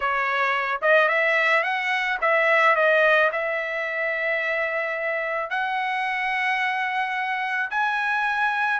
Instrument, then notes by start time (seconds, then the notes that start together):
trumpet
0.00 C#5
0.81 D#5
1.08 E5
1.63 F#5
2.21 E5
2.75 D#5
3.32 E5
5.49 F#5
7.70 G#5